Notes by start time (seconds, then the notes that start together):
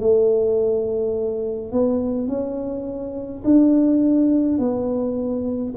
0.00 A3
1.72 B3
2.28 C#4
3.44 D4
4.58 B3